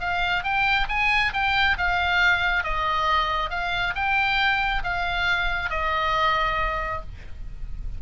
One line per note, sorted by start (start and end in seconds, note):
0.00 0.43 F5
0.43 0.87 G5
0.89 1.32 G#5
1.33 1.77 G5
1.77 2.64 F5
2.64 3.50 D#5
3.50 3.94 F5
3.95 4.83 G5
4.83 5.70 F5
5.70 7.01 D#5